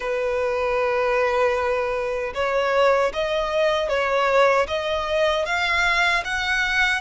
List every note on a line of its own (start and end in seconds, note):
0.00 2.33 B4
2.34 3.12 C#5
3.13 3.88 D#5
3.88 4.66 C#5
4.67 5.45 D#5
5.45 6.23 F5
6.24 7.01 F#5